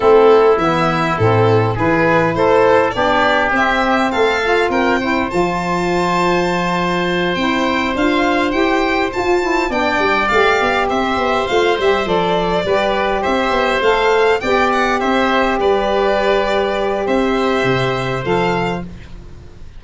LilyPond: <<
  \new Staff \with { instrumentName = "violin" } { \time 4/4 \tempo 4 = 102 a'4 e''4 a'4 b'4 | c''4 d''4 e''4 f''4 | g''4 a''2.~ | a''8 g''4 f''4 g''4 a''8~ |
a''8 g''4 f''4 e''4 f''8 | e''8 d''2 e''4 f''8~ | f''8 g''8 fis''8 e''4 d''4.~ | d''4 e''2 f''4 | }
  \new Staff \with { instrumentName = "oboe" } { \time 4/4 e'2. gis'4 | a'4 g'2 a'4 | ais'8 c''2.~ c''8~ | c''1~ |
c''8 d''2 c''4.~ | c''4. b'4 c''4.~ | c''8 d''4 c''4 b'4.~ | b'4 c''2. | }
  \new Staff \with { instrumentName = "saxophone" } { \time 4/4 c'4 b4 c'4 e'4~ | e'4 d'4 c'4. f'8~ | f'8 e'8 f'2.~ | f'8 e'4 f'4 g'4 f'8 |
e'8 d'4 g'2 f'8 | g'8 a'4 g'2 a'8~ | a'8 g'2.~ g'8~ | g'2. a'4 | }
  \new Staff \with { instrumentName = "tuba" } { \time 4/4 a4 e4 a,4 e4 | a4 b4 c'4 a4 | c'4 f2.~ | f8 c'4 d'4 e'4 f'8~ |
f'8 b8 g8 a8 b8 c'8 b8 a8 | g8 f4 g4 c'8 b8 a8~ | a8 b4 c'4 g4.~ | g4 c'4 c4 f4 | }
>>